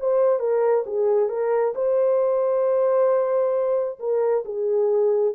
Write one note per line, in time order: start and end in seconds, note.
0.00 0.40 C5
0.40 0.85 A#4
0.86 1.29 G#4
1.29 1.74 A#4
1.75 3.99 C5
3.99 4.44 A#4
4.45 5.35 G#4